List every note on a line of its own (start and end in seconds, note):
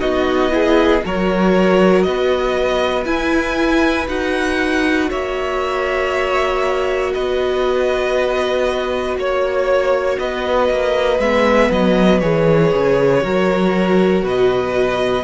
0.00 1.03 B3
0.00 0.51 D#4
0.00 0.51 F#4
0.00 1.02 D#5
0.51 1.02 E4
0.51 1.05 G#4
1.03 2.06 F#3
1.03 3.05 F#4
1.03 2.07 A#4
1.03 2.03 C#5
2.03 3.06 B3
2.03 5.10 B4
2.03 3.04 D#5
3.05 4.07 E4
3.05 4.08 G#5
4.08 5.10 D#4
4.08 11.19 F#4
4.08 5.11 F#5
5.10 7.15 A#3
5.10 7.13 C#5
5.10 7.14 E5
7.14 9.16 B3
7.14 9.18 B4
7.14 9.17 D#5
9.16 10.18 A#3
9.16 10.19 C#5
9.16 10.20 C#5
10.19 10.70 B3
10.19 13.24 B4
10.19 11.20 D#5
10.70 11.19 A#3
11.19 11.70 G#3
11.19 12.22 B3
11.19 11.71 E5
11.71 12.22 F#3
11.71 12.20 D#5
12.20 12.72 E3
12.20 13.21 G#4
12.20 14.24 C#5
12.74 13.24 C#3
13.21 14.23 F#3
13.21 15.24 F#4
13.21 14.25 A#4
14.23 15.24 B2
14.23 15.24 B4
14.23 15.24 D#5